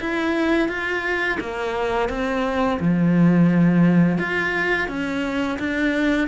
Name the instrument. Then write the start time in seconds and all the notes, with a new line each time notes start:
cello
0.00 E4
0.68 F4
1.40 A#3
2.09 C4
2.80 F3
4.18 F4
4.88 C#4
5.59 D4